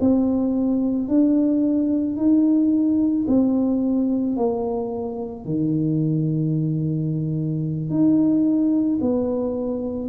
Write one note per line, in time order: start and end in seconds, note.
0.00 1.08 C4
1.08 2.16 D4
2.16 3.25 D#4
3.27 4.36 C4
4.36 5.44 A#3
5.44 7.89 D#3
7.89 8.99 D#4
9.00 10.09 B3